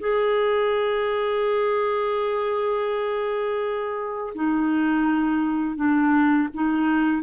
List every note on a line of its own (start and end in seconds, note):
0.00 4.34 G#4
4.35 5.76 D#4
5.76 6.48 D4
6.54 7.23 D#4